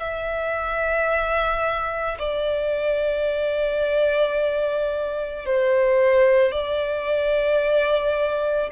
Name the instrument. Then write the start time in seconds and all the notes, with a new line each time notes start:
violin
0.00 E5
2.19 D5
5.46 C5
6.52 D5